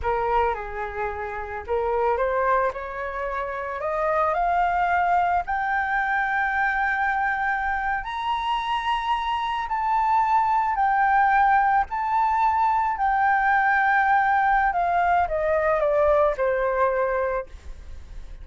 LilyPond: \new Staff \with { instrumentName = "flute" } { \time 4/4 \tempo 4 = 110 ais'4 gis'2 ais'4 | c''4 cis''2 dis''4 | f''2 g''2~ | g''2~ g''8. ais''4~ ais''16~ |
ais''4.~ ais''16 a''2 g''16~ | g''4.~ g''16 a''2 g''16~ | g''2. f''4 | dis''4 d''4 c''2 | }